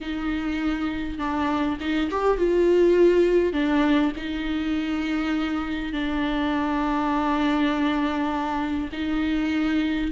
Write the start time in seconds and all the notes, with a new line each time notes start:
0.00 D#4
1.18 D4
1.80 D#4
2.10 G4
2.37 F4
3.52 D4
4.16 D#4
5.92 D4
8.92 D#4